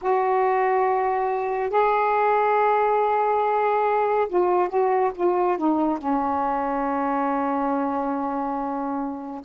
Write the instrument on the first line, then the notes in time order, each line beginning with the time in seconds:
saxophone
0.01 F#4
1.69 G#4
4.29 F4
4.68 F#4
5.14 F4
5.57 D#4
5.98 C#4